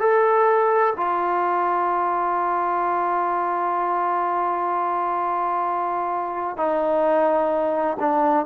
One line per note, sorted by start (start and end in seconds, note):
0.00 0.94 A4
0.96 6.57 F4
6.57 7.97 D#4
8.00 8.46 D4